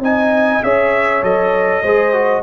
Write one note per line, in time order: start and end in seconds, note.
0.00 0.60 C4
0.00 0.63 D#4
0.00 0.65 D#5
0.00 0.63 G#5
0.63 1.23 C#4
0.63 1.23 G#4
0.63 1.83 C#5
0.63 1.23 E5
1.23 1.82 F#3
1.23 1.83 A4
1.23 2.43 D#5
1.83 2.43 G#3
1.83 2.14 G#4
1.83 2.43 C5
2.14 2.43 F#4